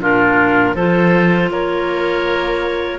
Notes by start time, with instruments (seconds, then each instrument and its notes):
0.00 cello A#2, clarinet D4 A#4, oboe F4
0.75 cello F3, clarinet F4 C5, oboe A4
1.50 cello A#3, oboe A#4, clarinet C#5